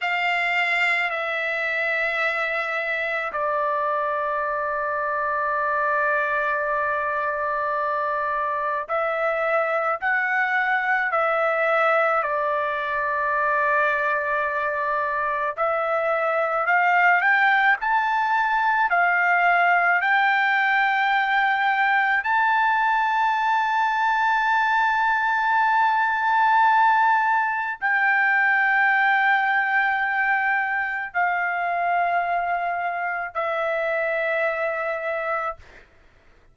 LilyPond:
\new Staff \with { instrumentName = "trumpet" } { \time 4/4 \tempo 4 = 54 f''4 e''2 d''4~ | d''1 | e''4 fis''4 e''4 d''4~ | d''2 e''4 f''8 g''8 |
a''4 f''4 g''2 | a''1~ | a''4 g''2. | f''2 e''2 | }